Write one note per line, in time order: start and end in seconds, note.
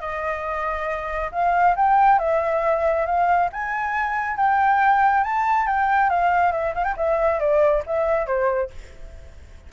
0.00 1.30 D#5
1.32 1.75 F5
1.76 2.19 G5
2.19 3.06 E5
3.06 3.49 F5
3.52 4.36 G#5
4.36 5.23 G5
5.24 5.66 A5
5.66 6.09 G5
6.09 6.52 F5
6.52 6.74 E5
6.75 6.84 F5
6.84 6.94 G5
6.97 7.39 E5
7.39 7.83 D5
7.86 8.26 E5
8.26 8.70 C5